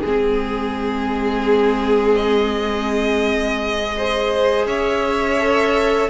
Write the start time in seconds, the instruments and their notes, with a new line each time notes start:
0.00 cello G#3, viola C4, violin G#4
0.06 violin G#4
2.15 violin D#5
3.96 viola G#4, violin C5
4.66 cello C#4, violin C#5 E5
5.39 viola A4